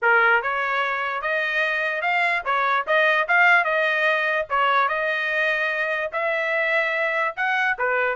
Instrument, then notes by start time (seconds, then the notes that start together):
trumpet
0.01 A#4
0.42 C#5
1.21 D#5
2.01 F5
2.45 C#5
2.86 D#5
3.27 F5
3.64 D#5
4.49 C#5
4.88 D#5
6.12 E5
7.36 F#5
7.78 B4